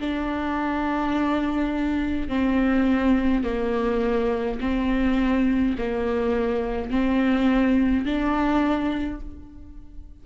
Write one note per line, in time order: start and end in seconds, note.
0.00 2.28 D4
2.28 3.44 C4
3.44 4.59 A#3
4.60 5.76 C4
5.78 6.90 A#3
6.90 8.05 C4
8.05 9.20 D4